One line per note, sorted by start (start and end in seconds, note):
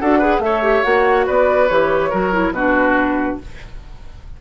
0.00 0.39 D4
0.00 0.21 F#4
0.00 0.19 A4
0.00 0.42 F#5
0.19 0.42 G#4
0.19 0.40 B4
0.39 0.82 A3
0.39 0.63 A4
0.39 0.84 E5
0.46 1.27 C#5
0.63 0.84 G4
0.84 1.28 A#3
0.84 1.69 F#4
0.84 1.26 F#5
1.27 1.70 B3
1.27 2.10 B4
1.27 1.68 D5
1.68 2.13 E3
1.68 2.12 G4
1.68 2.53 C#5
2.10 2.51 F#3
2.10 2.33 F#4
2.10 2.53 A#4
2.33 2.54 E4
2.51 3.36 B2
2.51 3.41 D4
2.51 3.40 F#4
2.51 3.38 B4